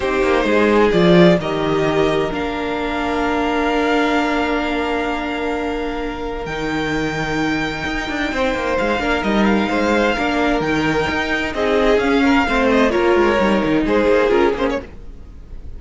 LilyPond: <<
  \new Staff \with { instrumentName = "violin" } { \time 4/4 \tempo 4 = 130 c''2 d''4 dis''4~ | dis''4 f''2.~ | f''1~ | f''2 g''2~ |
g''2. f''4 | dis''8 f''2~ f''8 g''4~ | g''4 dis''4 f''4. dis''8 | cis''2 c''4 ais'8 c''16 cis''16 | }
  \new Staff \with { instrumentName = "violin" } { \time 4/4 g'4 gis'2 ais'4~ | ais'1~ | ais'1~ | ais'1~ |
ais'2 c''4. ais'8~ | ais'4 c''4 ais'2~ | ais'4 gis'4. ais'8 c''4 | ais'2 gis'2 | }
  \new Staff \with { instrumentName = "viola" } { \time 4/4 dis'2 f'4 g'4~ | g'4 d'2.~ | d'1~ | d'2 dis'2~ |
dis'2.~ dis'8 d'8 | dis'2 d'4 dis'4~ | dis'2 cis'4 c'4 | f'4 dis'2 f'8 cis'8 | }
  \new Staff \with { instrumentName = "cello" } { \time 4/4 c'8 ais8 gis4 f4 dis4~ | dis4 ais2.~ | ais1~ | ais2 dis2~ |
dis4 dis'8 d'8 c'8 ais8 gis8 ais8 | g4 gis4 ais4 dis4 | dis'4 c'4 cis'4 a4 | ais8 gis8 g8 dis8 gis8 ais8 cis'8 ais8 | }
>>